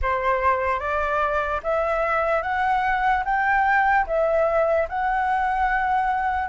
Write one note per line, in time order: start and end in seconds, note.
0.01 0.79 C5
0.79 1.60 D5
1.63 2.42 E5
2.42 3.23 F#5
3.24 4.05 G5
4.07 4.88 E5
4.88 6.48 F#5